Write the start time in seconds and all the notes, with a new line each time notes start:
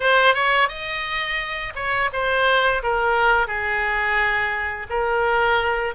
0.00 C5
0.34 C#5
0.68 D#5
1.75 C#5
2.12 C5
2.83 A#4
3.47 G#4
4.89 A#4